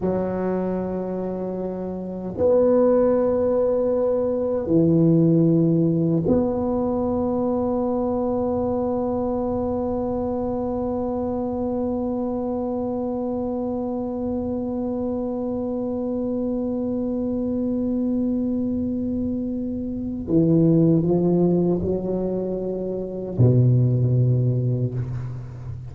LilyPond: \new Staff \with { instrumentName = "tuba" } { \time 4/4 \tempo 4 = 77 fis2. b4~ | b2 e2 | b1~ | b1~ |
b1~ | b1~ | b2 e4 f4 | fis2 b,2 | }